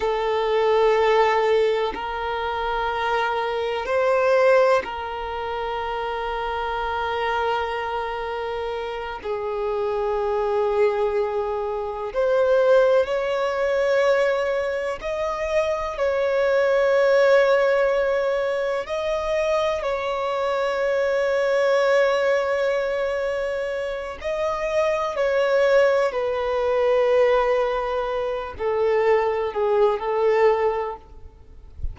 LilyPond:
\new Staff \with { instrumentName = "violin" } { \time 4/4 \tempo 4 = 62 a'2 ais'2 | c''4 ais'2.~ | ais'4. gis'2~ gis'8~ | gis'8 c''4 cis''2 dis''8~ |
dis''8 cis''2. dis''8~ | dis''8 cis''2.~ cis''8~ | cis''4 dis''4 cis''4 b'4~ | b'4. a'4 gis'8 a'4 | }